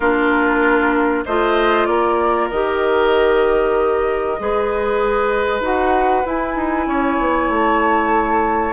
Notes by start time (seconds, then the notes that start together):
0.00 A#3 D4 F4 A#4
1.25 A3 F4 C5 D#5
1.85 A#3 A#4 D5
2.49 D#3 G4 D#5
4.38 G#3 G#4 B4
5.60 D#4 F#4 F#5
6.24 E4 G#5
6.55 D#4
6.86 C#4 C#5
7.19 B3
7.48 A3 A5